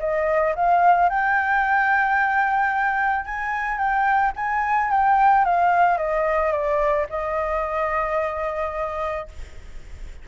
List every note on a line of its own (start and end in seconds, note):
0.00 0.55 D#5
0.55 1.09 F5
1.09 3.26 G5
3.26 3.78 G#5
3.78 4.33 G5
4.36 4.91 G#5
4.91 5.45 G5
5.45 5.98 F5
5.98 6.52 D#5
6.52 7.07 D5
7.10 9.28 D#5